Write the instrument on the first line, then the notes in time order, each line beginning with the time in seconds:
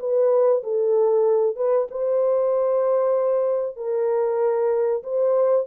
horn
0.00 B4
0.64 A4
1.56 B4
1.91 C5
3.77 A#4
5.04 C5